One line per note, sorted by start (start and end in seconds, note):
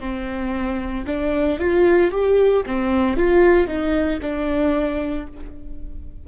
0.00 1.05 C4
1.06 1.59 D4
1.59 2.11 F4
2.11 2.64 G4
2.66 3.17 C4
3.17 3.67 F4
3.67 4.20 D#4
4.22 5.27 D4